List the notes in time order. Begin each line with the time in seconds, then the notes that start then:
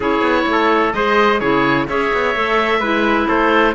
0.00 C#4 E4 G#4 C#5
0.21 B3
0.47 A3 A4
0.92 G#3 G#4 C5 D#5
1.39 C#3 E4 G#4 C#5
1.88 C#4 G#4 C#5 E5
2.13 B3
2.34 A3 A4
2.79 G#3 E4 B4
3.27 A3 A4 C5